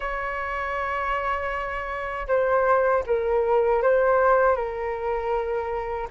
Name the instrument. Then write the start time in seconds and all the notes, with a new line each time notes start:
flute
0.00 C#5
2.27 C5
3.06 A#4
3.82 C5
4.56 A#4